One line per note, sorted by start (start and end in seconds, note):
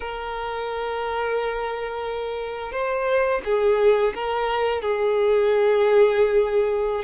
0.00 2.72 A#4
2.72 3.41 C5
3.45 4.13 G#4
4.14 4.81 A#4
4.81 7.04 G#4